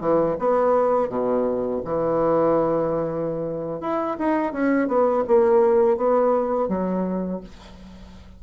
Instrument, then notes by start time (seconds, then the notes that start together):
bassoon
0.00 E3
0.39 B3
1.09 B2
1.84 E3
3.81 E4
4.18 D#4
4.52 C#4
4.88 B3
5.27 A#3
5.97 B3
6.68 F#3